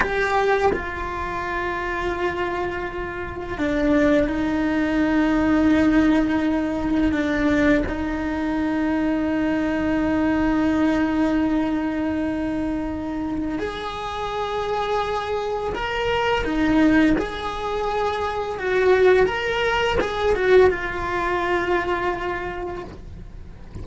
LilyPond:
\new Staff \with { instrumentName = "cello" } { \time 4/4 \tempo 4 = 84 g'4 f'2.~ | f'4 d'4 dis'2~ | dis'2 d'4 dis'4~ | dis'1~ |
dis'2. gis'4~ | gis'2 ais'4 dis'4 | gis'2 fis'4 ais'4 | gis'8 fis'8 f'2. | }